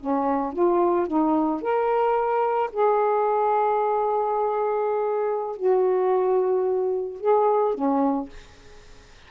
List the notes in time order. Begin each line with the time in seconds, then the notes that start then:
0.00 C#4
0.53 F4
1.07 D#4
1.61 A#4
2.72 G#4
5.56 F#4
7.20 G#4
7.74 C#4